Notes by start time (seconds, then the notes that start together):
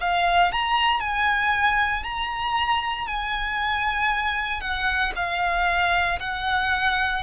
0.00 F5
0.52 A#5
1.00 G#5
2.03 A#5
3.07 G#5
4.60 F#5
5.15 F5
6.19 F#5